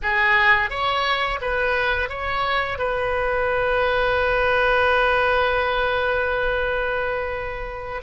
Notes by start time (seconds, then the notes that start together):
0.02 G#4
0.69 C#5
1.41 B4
2.09 C#5
2.78 B4